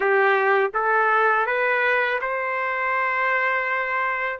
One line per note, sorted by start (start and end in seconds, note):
0.00 0.71 G4
0.74 1.46 A4
1.46 2.20 B4
2.21 4.39 C5